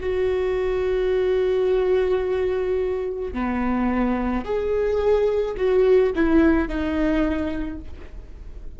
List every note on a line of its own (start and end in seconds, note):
0.00 3.33 F#4
3.33 4.44 B3
4.44 5.56 G#4
5.57 6.13 F#4
6.15 6.68 E4
6.68 7.79 D#4